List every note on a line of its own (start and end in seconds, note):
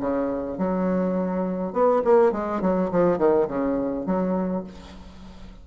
0.00 0.58 C#3
0.58 1.73 F#3
1.73 2.02 B3
2.04 2.32 A#3
2.32 2.61 G#3
2.61 2.90 F#3
2.91 3.18 F3
3.18 3.47 D#3
3.48 4.06 C#3
4.06 4.64 F#3